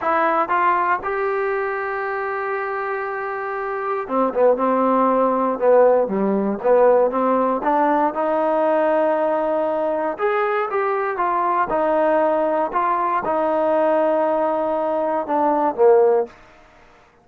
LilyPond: \new Staff \with { instrumentName = "trombone" } { \time 4/4 \tempo 4 = 118 e'4 f'4 g'2~ | g'1 | c'8 b8 c'2 b4 | g4 b4 c'4 d'4 |
dis'1 | gis'4 g'4 f'4 dis'4~ | dis'4 f'4 dis'2~ | dis'2 d'4 ais4 | }